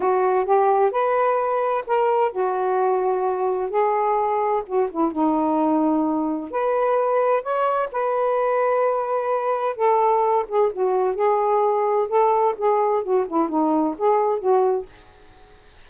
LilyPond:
\new Staff \with { instrumentName = "saxophone" } { \time 4/4 \tempo 4 = 129 fis'4 g'4 b'2 | ais'4 fis'2. | gis'2 fis'8 e'8 dis'4~ | dis'2 b'2 |
cis''4 b'2.~ | b'4 a'4. gis'8 fis'4 | gis'2 a'4 gis'4 | fis'8 e'8 dis'4 gis'4 fis'4 | }